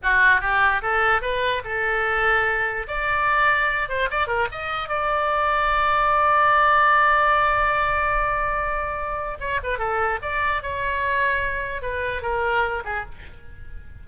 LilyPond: \new Staff \with { instrumentName = "oboe" } { \time 4/4 \tempo 4 = 147 fis'4 g'4 a'4 b'4 | a'2. d''4~ | d''4. c''8 d''8 ais'8 dis''4 | d''1~ |
d''1~ | d''2. cis''8 b'8 | a'4 d''4 cis''2~ | cis''4 b'4 ais'4. gis'8 | }